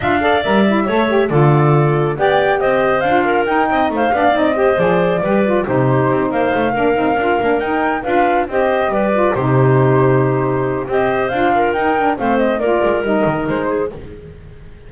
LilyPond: <<
  \new Staff \with { instrumentName = "flute" } { \time 4/4 \tempo 4 = 138 f''4 e''2 d''4~ | d''4 g''4 dis''4 f''4 | g''4 f''4 dis''4 d''4~ | d''4 c''4. f''4.~ |
f''4. g''4 f''4 dis''8~ | dis''8 d''4 c''2~ c''8~ | c''4 dis''4 f''4 g''4 | f''8 dis''8 d''4 dis''4 c''4 | }
  \new Staff \with { instrumentName = "clarinet" } { \time 4/4 e''8 d''4. cis''4 a'4~ | a'4 d''4 c''4. ais'8~ | ais'8 dis''8 c''8 d''4 c''4. | b'4 g'4. c''4 ais'8~ |
ais'2~ ais'8 b'4 c''8~ | c''8 b'4 g'2~ g'8~ | g'4 c''4. ais'4. | c''4 ais'2~ ais'8 gis'8 | }
  \new Staff \with { instrumentName = "saxophone" } { \time 4/4 f'8 a'8 ais'8 e'8 a'8 g'8 f'4~ | f'4 g'2 f'4 | dis'4. d'8 dis'8 g'8 gis'4 | g'8 f'8 dis'2~ dis'8 d'8 |
dis'8 f'8 d'8 dis'4 f'4 g'8~ | g'4 f'8 dis'2~ dis'8~ | dis'4 g'4 f'4 dis'8 d'8 | c'4 f'4 dis'2 | }
  \new Staff \with { instrumentName = "double bass" } { \time 4/4 d'4 g4 a4 d4~ | d4 b4 c'4 d'4 | dis'8 c'8 a8 b8 c'4 f4 | g4 c4 c'8 ais8 a8 ais8 |
c'8 d'8 ais8 dis'4 d'4 c'8~ | c'8 g4 c2~ c8~ | c4 c'4 d'4 dis'4 | a4 ais8 gis8 g8 dis8 gis4 | }
>>